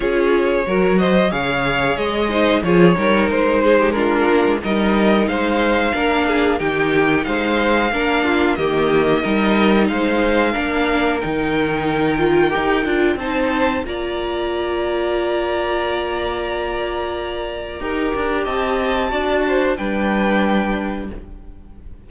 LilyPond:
<<
  \new Staff \with { instrumentName = "violin" } { \time 4/4 \tempo 4 = 91 cis''4. dis''8 f''4 dis''4 | cis''4 c''4 ais'4 dis''4 | f''2 g''4 f''4~ | f''4 dis''2 f''4~ |
f''4 g''2. | a''4 ais''2.~ | ais''1 | a''2 g''2 | }
  \new Staff \with { instrumentName = "violin" } { \time 4/4 gis'4 ais'8 c''8 cis''4. c''8 | gis'8 ais'4 gis'16 g'16 f'4 ais'4 | c''4 ais'8 gis'8 g'4 c''4 | ais'8 f'8 g'4 ais'4 c''4 |
ais'1 | c''4 d''2.~ | d''2. ais'4 | dis''4 d''8 c''8 b'2 | }
  \new Staff \with { instrumentName = "viola" } { \time 4/4 f'4 fis'4 gis'4. dis'8 | f'8 dis'4. d'4 dis'4~ | dis'4 d'4 dis'2 | d'4 ais4 dis'2 |
d'4 dis'4. f'8 g'8 f'8 | dis'4 f'2.~ | f'2. g'4~ | g'4 fis'4 d'2 | }
  \new Staff \with { instrumentName = "cello" } { \time 4/4 cis'4 fis4 cis4 gis4 | f8 g8 gis4. ais16 gis16 g4 | gis4 ais4 dis4 gis4 | ais4 dis4 g4 gis4 |
ais4 dis2 dis'8 d'8 | c'4 ais2.~ | ais2. dis'8 d'8 | c'4 d'4 g2 | }
>>